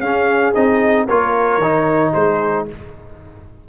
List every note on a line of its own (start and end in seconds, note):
0.00 0.53 C#4
0.00 0.55 C#4
0.00 1.06 G#4
0.00 0.54 F5
0.55 1.10 C4
0.55 1.08 D#4
0.55 1.08 D#5
1.06 1.58 A#3
1.06 1.62 F4
1.06 2.12 A#4
1.06 2.13 C#5
1.58 2.11 D#3
1.58 2.68 D#4
2.13 2.69 G#3
2.13 2.67 G#4
2.13 2.67 C5